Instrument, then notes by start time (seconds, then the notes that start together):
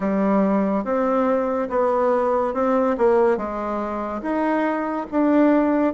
bassoon
0.00 G3
0.84 C4
1.69 B3
2.54 C4
2.97 A#3
3.36 G#3
4.22 D#4
5.11 D4